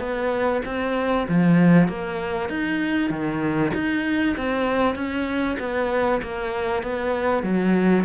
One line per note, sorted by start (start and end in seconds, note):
0.00 0.62 B3
0.66 1.27 C4
1.28 1.89 F3
1.89 2.49 A#3
2.49 3.10 D#4
3.10 3.72 D#3
3.74 4.36 D#4
4.37 4.95 C4
4.95 5.57 C#4
5.60 6.21 B3
6.22 6.83 A#3
6.83 7.43 B3
7.43 8.05 F#3